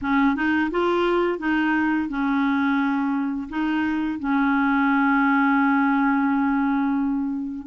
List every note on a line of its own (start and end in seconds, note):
0.01 0.35 C#4
0.35 0.70 D#4
0.70 1.39 F4
1.39 2.08 D#4
2.09 3.48 C#4
3.49 4.19 D#4
4.19 7.67 C#4